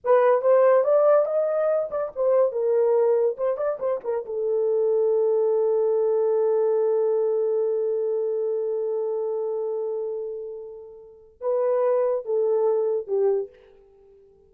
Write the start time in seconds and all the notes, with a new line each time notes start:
0.04 B4
0.41 C5
0.84 D5
1.25 D#5
1.90 D5
2.15 C5
2.51 A#4
3.37 C5
3.57 D5
3.79 C5
4.04 A#4
4.25 A4
11.40 B4
12.25 A4
13.07 G4